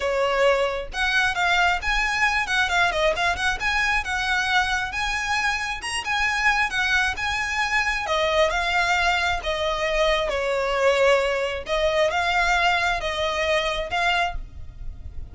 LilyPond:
\new Staff \with { instrumentName = "violin" } { \time 4/4 \tempo 4 = 134 cis''2 fis''4 f''4 | gis''4. fis''8 f''8 dis''8 f''8 fis''8 | gis''4 fis''2 gis''4~ | gis''4 ais''8 gis''4. fis''4 |
gis''2 dis''4 f''4~ | f''4 dis''2 cis''4~ | cis''2 dis''4 f''4~ | f''4 dis''2 f''4 | }